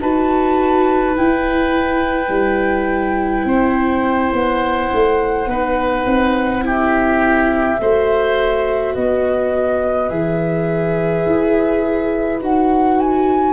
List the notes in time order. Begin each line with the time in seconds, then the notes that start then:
0.00 D#4 F#4 B4 A5
1.16 E4 G5
2.29 G3
3.45 C4 C5
4.33 B3 F#5
4.93 A3
5.46 B3 D#4 B4
6.06 C4
6.62 E4 G4 E5
7.80 A3 F#4 C5
8.94 B3 B4 D#5
10.09 E3 G#4 E5
11.26 E4
12.40 D#4 F#4 F#5
13.00 G#5